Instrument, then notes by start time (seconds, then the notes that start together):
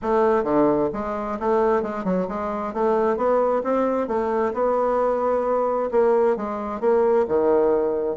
bassoon
0.02 A3
0.43 D3
0.93 G#3
1.39 A3
1.82 G#3
2.04 F#3
2.28 G#3
2.73 A3
3.17 B3
3.63 C4
4.07 A3
4.53 B3
5.91 A#3
6.36 G#3
6.80 A#3
7.28 D#3